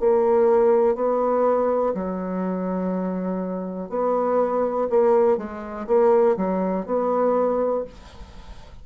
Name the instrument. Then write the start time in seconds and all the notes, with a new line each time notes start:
bassoon
0.00 A#3
0.95 B3
1.94 F#3
3.89 B3
4.90 A#3
5.37 G#3
5.87 A#3
6.37 F#3
6.86 B3